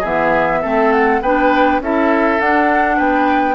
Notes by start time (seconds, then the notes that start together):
0.00 E3 B3 G#4 E5
0.62 A3 C4 A4
0.92 F#5
1.21 B3 D4 B4 G5
1.80 C#4 E4 A4 E5
2.40 D4 F#5
2.97 B3 B4 G5